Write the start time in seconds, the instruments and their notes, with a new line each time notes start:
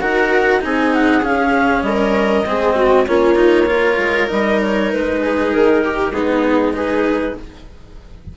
0.00 bassoon D#4, cello F#4, viola A#4, clarinet F#5
0.60 bassoon C4, cello D#4, viola G#4, clarinet G#5
0.94 clarinet F#5
1.22 cello C#4, bassoon C#4, clarinet F5
1.82 bassoon G3, viola A#4, clarinet D#5
2.45 bassoon G#3, cello C4, viola G#4
2.75 viola F#4
3.07 bassoon A#3, cello C#4, viola F4, clarinet C#5
3.35 cello D#4
3.66 cello F4, viola A#4
3.97 bassoon G#3
4.27 bassoon G3, cello D#4, clarinet D#5
4.61 clarinet C#5
4.92 bassoon G#3, clarinet B4
5.22 viola G#4
5.52 bassoon D#3, clarinet A#4
5.84 viola G4
6.11 bassoon G#3, cello B3, viola D#4, clarinet G#4
6.73 cello D#4, viola G#4, clarinet B4